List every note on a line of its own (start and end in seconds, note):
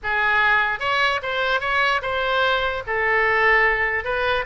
0.03 0.79 G#4
0.79 1.20 C#5
1.22 1.60 C5
1.60 2.01 C#5
2.02 2.83 C5
2.86 4.04 A4
4.04 4.44 B4